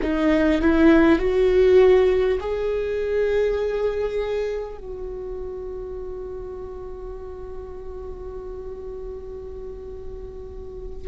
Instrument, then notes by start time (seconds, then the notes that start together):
viola
0.02 D#4
0.61 E4
1.18 F#4
2.40 G#4
4.78 F#4